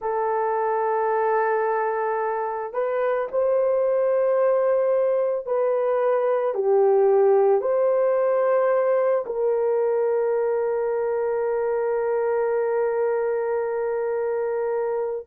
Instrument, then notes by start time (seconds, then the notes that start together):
horn
0.00 A4
2.73 B4
3.31 C5
5.45 B4
6.54 G4
7.61 C5
9.25 A#4